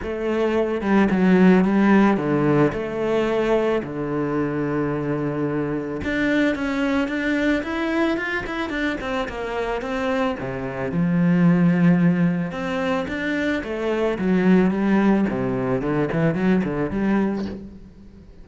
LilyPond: \new Staff \with { instrumentName = "cello" } { \time 4/4 \tempo 4 = 110 a4. g8 fis4 g4 | d4 a2 d4~ | d2. d'4 | cis'4 d'4 e'4 f'8 e'8 |
d'8 c'8 ais4 c'4 c4 | f2. c'4 | d'4 a4 fis4 g4 | c4 d8 e8 fis8 d8 g4 | }